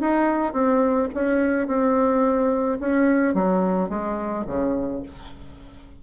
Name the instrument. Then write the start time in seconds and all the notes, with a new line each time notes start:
bassoon
0.00 D#4
0.53 C4
1.14 C#4
1.67 C4
2.80 C#4
3.34 F#3
3.89 G#3
4.47 C#3